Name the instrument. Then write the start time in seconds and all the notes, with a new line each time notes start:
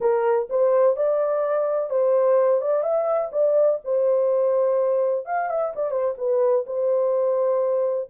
horn
0.01 A#4
0.49 C5
0.96 D5
1.90 C5
2.61 D5
2.82 E5
3.32 D5
3.84 C5
5.25 F5
5.49 E5
5.75 D5
5.90 C5
6.17 B4
6.66 C5